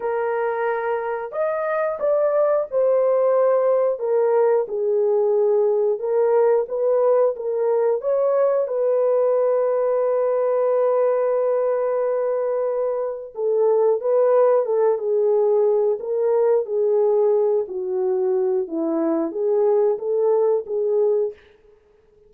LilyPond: \new Staff \with { instrumentName = "horn" } { \time 4/4 \tempo 4 = 90 ais'2 dis''4 d''4 | c''2 ais'4 gis'4~ | gis'4 ais'4 b'4 ais'4 | cis''4 b'2.~ |
b'1 | a'4 b'4 a'8 gis'4. | ais'4 gis'4. fis'4. | e'4 gis'4 a'4 gis'4 | }